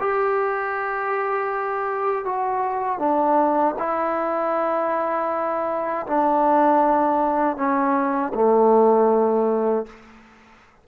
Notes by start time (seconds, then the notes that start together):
0.00 G4
2.25 F#4
2.99 D4
3.79 E4
6.07 D4
7.57 C#4
8.34 A3